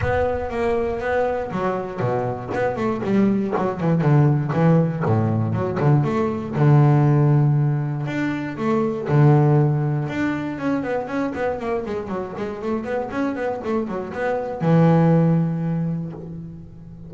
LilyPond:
\new Staff \with { instrumentName = "double bass" } { \time 4/4 \tempo 4 = 119 b4 ais4 b4 fis4 | b,4 b8 a8 g4 fis8 e8 | d4 e4 a,4 fis8 d8 | a4 d2. |
d'4 a4 d2 | d'4 cis'8 b8 cis'8 b8 ais8 gis8 | fis8 gis8 a8 b8 cis'8 b8 a8 fis8 | b4 e2. | }